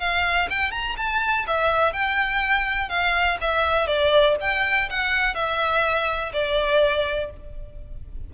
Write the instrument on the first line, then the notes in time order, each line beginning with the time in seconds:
violin
0.00 F5
0.50 G5
0.72 A#5
0.97 A5
1.47 E5
1.93 G5
2.89 F5
3.41 E5
3.87 D5
4.41 G5
4.90 F#5
5.35 E5
6.33 D5